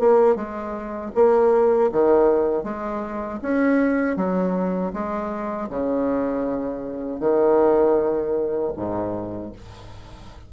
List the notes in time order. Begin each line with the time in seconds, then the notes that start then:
0.00 A#3
0.36 G#3
1.15 A#3
1.92 D#3
2.64 G#3
3.42 C#4
4.17 F#3
4.93 G#3
5.70 C#3
7.20 D#3
8.77 G#2